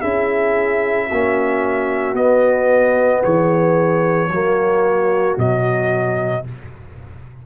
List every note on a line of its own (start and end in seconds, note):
0.00 1.10 C#4
0.00 1.09 E4
0.00 1.06 G#4
0.00 2.15 E5
1.06 2.13 A#3
1.06 3.20 F#4
1.13 2.15 C#4
2.13 3.20 B3
2.13 4.29 B3
2.13 3.22 D#5
3.23 4.29 E3
3.23 4.29 G#4
3.23 5.37 C#5
4.29 5.36 F#3
4.29 5.37 A#3
4.29 6.43 F#4
5.37 6.44 B2
5.37 6.45 F#3
5.37 6.46 D#5